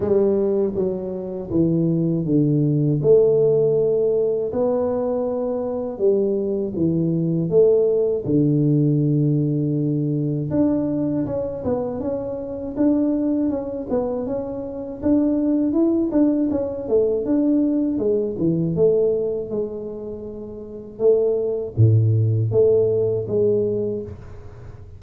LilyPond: \new Staff \with { instrumentName = "tuba" } { \time 4/4 \tempo 4 = 80 g4 fis4 e4 d4 | a2 b2 | g4 e4 a4 d4~ | d2 d'4 cis'8 b8 |
cis'4 d'4 cis'8 b8 cis'4 | d'4 e'8 d'8 cis'8 a8 d'4 | gis8 e8 a4 gis2 | a4 a,4 a4 gis4 | }